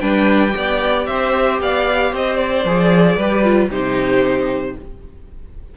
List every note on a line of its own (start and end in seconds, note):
0.00 0.54 G3
0.00 0.51 D4
0.00 0.55 B4
0.00 1.05 G5
0.51 1.08 B3
0.51 2.61 G4
0.57 1.09 D5
1.06 1.60 C4
1.06 1.62 C5
1.06 1.59 E5
1.61 2.13 B3
1.61 2.12 D5
1.61 2.15 F5
2.12 2.65 C4
2.12 3.17 C5
2.12 2.37 D#5
2.37 3.68 D5
2.65 3.17 F3
2.65 3.20 G#4
3.17 3.70 G3
3.17 3.44 G4
3.17 3.69 B4
3.44 3.70 F4
3.69 4.76 C3
3.69 4.77 D#4
3.69 4.75 G4
3.69 4.77 C5